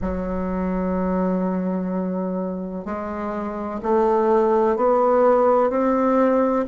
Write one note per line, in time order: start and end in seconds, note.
0.01 2.85 F#3
2.85 3.80 G#3
3.82 4.76 A3
4.76 5.70 B3
5.70 6.65 C4